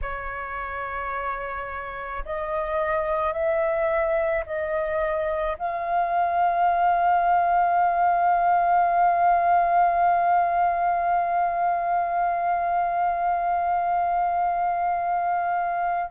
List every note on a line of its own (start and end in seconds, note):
0.02 2.24 C#5
2.25 3.32 D#5
3.32 4.43 E5
4.45 5.57 D#5
5.58 16.10 F5